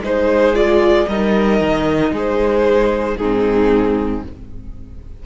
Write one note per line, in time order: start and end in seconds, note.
0.00 1.05 G#3
0.00 0.54 D#4
0.00 1.08 G#4
0.00 0.55 C5
0.54 1.07 F4
0.54 1.08 D5
1.08 1.60 G3
1.08 3.20 D#4
1.08 2.13 A#4
1.08 2.13 D#5
1.60 2.11 D#3
2.11 3.16 G#3
2.11 3.18 G#4
2.17 3.17 C5
3.17 4.23 G#2
3.17 4.25 C4
3.17 4.23 D#4
3.17 4.22 G#4